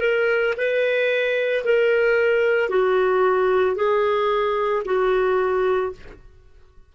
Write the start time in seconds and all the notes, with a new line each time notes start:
0.00 A#4
0.57 B4
1.65 A#4
2.69 F#4
3.75 G#4
4.85 F#4